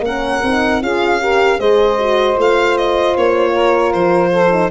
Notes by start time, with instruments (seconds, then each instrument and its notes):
0.00 tuba A#3, horn C#4, saxophone A#4, violin F#5
0.43 tuba C4, horn D#4
0.81 tuba C#4, horn F4, saxophone G#4, violin F5
1.20 horn G4, saxophone A#4
1.59 tuba G#3, horn G#4, saxophone C5, violin D#5
1.98 horn F#4
2.36 tuba A3, horn F4, violin F5
2.78 violin D#5
3.17 tuba A#3, violin C#5
3.52 saxophone A#4
3.93 tuba F3, violin C5
4.32 saxophone A4
4.51 horn D#4